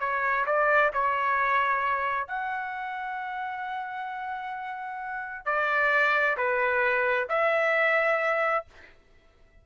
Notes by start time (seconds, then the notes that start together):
0.00 C#5
0.46 D5
0.93 C#5
2.27 F#5
5.46 D5
6.37 B4
7.29 E5